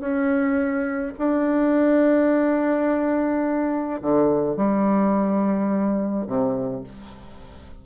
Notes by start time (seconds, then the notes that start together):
0.00 C#4
1.18 D4
4.01 D3
4.56 G3
6.27 C3